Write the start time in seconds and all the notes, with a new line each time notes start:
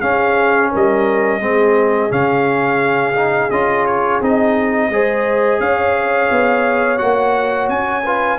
0.00 C#4 G#4 F5
0.71 G3 A#4 D#5
1.40 G#3 C4 G#4
2.09 C#3 C#4 F5
3.15 D#4
3.50 C#4 F4 D#5
3.86 C#5
4.21 C4 D#4 D#5
4.89 G#3 G#4 C5
5.60 C#4 C#5 F5
6.31 B3
6.97 A#3 F#4 F#5
7.68 C#4 G#5
8.05 F4 B4